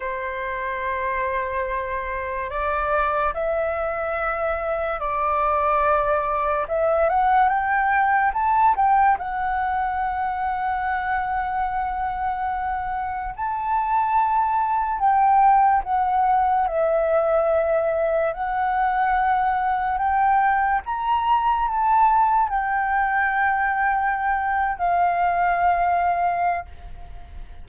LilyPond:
\new Staff \with { instrumentName = "flute" } { \time 4/4 \tempo 4 = 72 c''2. d''4 | e''2 d''2 | e''8 fis''8 g''4 a''8 g''8 fis''4~ | fis''1 |
a''2 g''4 fis''4 | e''2 fis''2 | g''4 ais''4 a''4 g''4~ | g''4.~ g''16 f''2~ f''16 | }